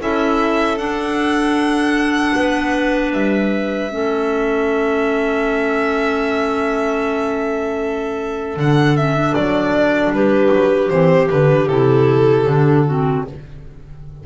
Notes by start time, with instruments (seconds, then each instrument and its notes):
0.00 double bass C#4, clarinet E4 A4, violin E5
0.78 clarinet D4, double bass D4, violin F#5
2.36 double bass B3, clarinet B4
3.13 double bass G3, violin E5
3.90 double bass A3, clarinet C#4 A4
8.56 double bass D3, clarinet D4, violin F#5
8.97 clarinet C#4, violin E5
9.15 clarinet D4
9.35 double bass F#3, violin D5
10.10 double bass G3, clarinet G4, violin B4
10.51 double bass F#3
10.89 double bass E3, clarinet C4, violin C5
11.30 double bass D3, clarinet D4, violin B4
11.69 double bass C3, clarinet E4, violin A4
12.46 double bass D3, clarinet D4
12.86 clarinet C4 F#4